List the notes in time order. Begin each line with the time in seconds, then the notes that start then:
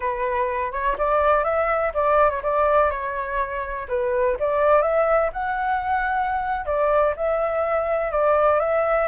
0.00 B4
0.72 C#5
0.98 D5
1.43 E5
1.94 D5
2.30 C#5
2.42 D5
2.90 C#5
3.88 B4
4.39 D5
4.82 E5
5.32 F#5
6.65 D5
7.16 E5
8.11 D5
8.59 E5